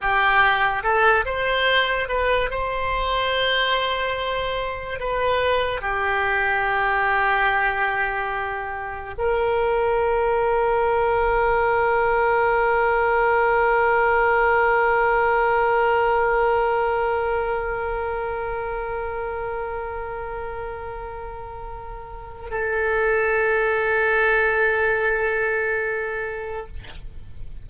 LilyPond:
\new Staff \with { instrumentName = "oboe" } { \time 4/4 \tempo 4 = 72 g'4 a'8 c''4 b'8 c''4~ | c''2 b'4 g'4~ | g'2. ais'4~ | ais'1~ |
ais'1~ | ais'1~ | ais'2. a'4~ | a'1 | }